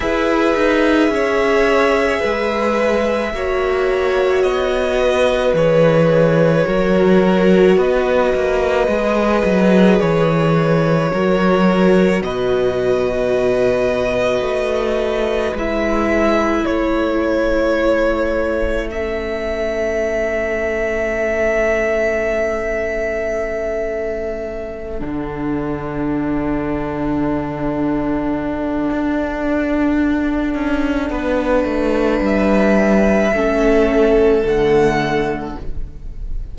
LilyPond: <<
  \new Staff \with { instrumentName = "violin" } { \time 4/4 \tempo 4 = 54 e''1 | dis''4 cis''2 dis''4~ | dis''4 cis''2 dis''4~ | dis''2 e''4 cis''4~ |
cis''4 e''2.~ | e''2~ e''8 fis''4.~ | fis''1~ | fis''4 e''2 fis''4 | }
  \new Staff \with { instrumentName = "violin" } { \time 4/4 b'4 cis''4 b'4 cis''4~ | cis''8 b'4. ais'4 b'4~ | b'2 ais'4 b'4~ | b'2. a'4~ |
a'1~ | a'1~ | a'1 | b'2 a'2 | }
  \new Staff \with { instrumentName = "viola" } { \time 4/4 gis'2. fis'4~ | fis'4 gis'4 fis'2 | gis'2 fis'2~ | fis'2 e'2~ |
e'4 cis'2.~ | cis'2~ cis'8 d'4.~ | d'1~ | d'2 cis'4 a4 | }
  \new Staff \with { instrumentName = "cello" } { \time 4/4 e'8 dis'8 cis'4 gis4 ais4 | b4 e4 fis4 b8 ais8 | gis8 fis8 e4 fis4 b,4~ | b,4 a4 gis4 a4~ |
a1~ | a2~ a8 d4.~ | d2 d'4. cis'8 | b8 a8 g4 a4 d4 | }
>>